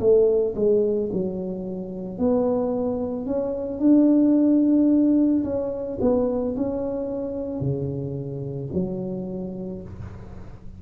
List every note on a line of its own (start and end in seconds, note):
0.00 0.55 A3
0.56 1.10 G#3
1.13 2.18 F#3
2.18 3.26 B3
3.26 3.79 C#4
3.79 5.43 D4
5.44 5.99 C#4
6.01 6.56 B3
6.57 7.60 C#4
7.60 8.69 C#3
8.73 9.82 F#3